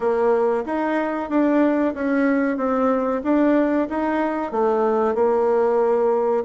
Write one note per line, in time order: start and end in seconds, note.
0.00 0.64 A#3
0.65 1.29 D#4
1.29 1.94 D4
1.94 2.57 C#4
2.57 3.21 C4
3.23 3.88 D4
3.89 4.51 D#4
4.51 5.14 A3
5.14 6.43 A#3